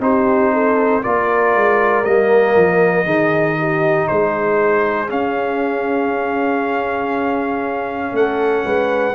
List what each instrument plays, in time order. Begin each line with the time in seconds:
0.00 tuba C4, trombone D#4, horn G4, trumpet C5
0.54 horn A4
1.03 tuba A#3, trombone F4, horn A#4, trumpet D5
1.55 tuba G#3
2.05 tuba G3, trombone A#3, trumpet D#5
2.56 tuba F3
3.05 tuba D#3, trombone D#4, horn G#4
3.58 horn G4
4.08 tuba G#3, horn G#4, trumpet C5
5.07 trombone C#4, tuba C#4, trumpet F5
8.12 tuba A3, horn A4, trumpet F#5
8.65 tuba G#3, horn B4